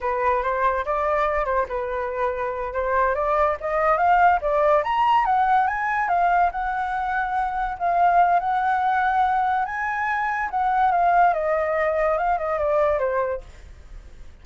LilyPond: \new Staff \with { instrumentName = "flute" } { \time 4/4 \tempo 4 = 143 b'4 c''4 d''4. c''8 | b'2~ b'8 c''4 d''8~ | d''8 dis''4 f''4 d''4 ais''8~ | ais''8 fis''4 gis''4 f''4 fis''8~ |
fis''2~ fis''8 f''4. | fis''2. gis''4~ | gis''4 fis''4 f''4 dis''4~ | dis''4 f''8 dis''8 d''4 c''4 | }